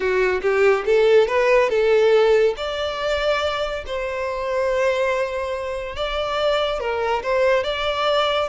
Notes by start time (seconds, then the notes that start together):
0.00 F#4
0.42 G4
0.85 A4
1.27 B4
1.69 A4
2.56 D5
3.86 C5
5.96 D5
6.79 A#4
7.22 C5
7.63 D5